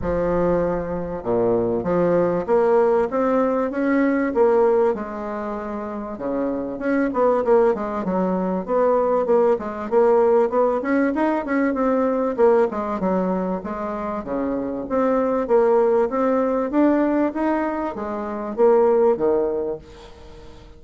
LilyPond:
\new Staff \with { instrumentName = "bassoon" } { \time 4/4 \tempo 4 = 97 f2 ais,4 f4 | ais4 c'4 cis'4 ais4 | gis2 cis4 cis'8 b8 | ais8 gis8 fis4 b4 ais8 gis8 |
ais4 b8 cis'8 dis'8 cis'8 c'4 | ais8 gis8 fis4 gis4 cis4 | c'4 ais4 c'4 d'4 | dis'4 gis4 ais4 dis4 | }